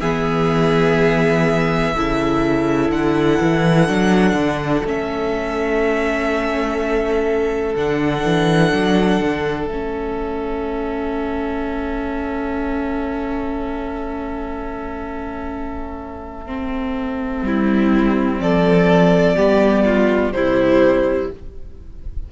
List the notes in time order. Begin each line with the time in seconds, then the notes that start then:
0.00 E3 B3 G#4 E5
1.96 C#3 E4 A4
2.91 D3 F#5
3.41 E3
3.86 F#3 D4
4.33 D3
4.84 A3 C#4 E5
7.75 D3 D4 F#5
8.24 E3
8.73 F#3
9.20 D3
9.66 A3 C#4 E5
16.46 C4
17.43 G3 E4
18.39 F3 A4 D5
19.35 G3 B3 G4
19.85 F4
20.32 C3 G3 E4 C5